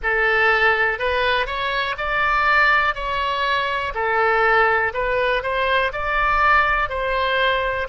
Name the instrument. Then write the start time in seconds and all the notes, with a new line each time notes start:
oboe
0.03 A4
0.98 B4
1.46 C#5
1.97 D5
2.94 C#5
3.94 A4
4.93 B4
5.42 C5
5.92 D5
6.89 C5